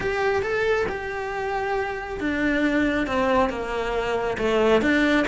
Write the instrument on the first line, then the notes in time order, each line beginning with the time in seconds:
cello
0.00 G4
0.42 A4
0.89 G4
2.20 D4
3.06 C4
3.49 A#3
4.38 A3
4.81 D4